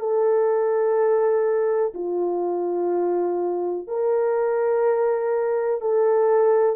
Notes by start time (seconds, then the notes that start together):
0.00 A4
1.95 F4
3.88 A#4
5.82 A4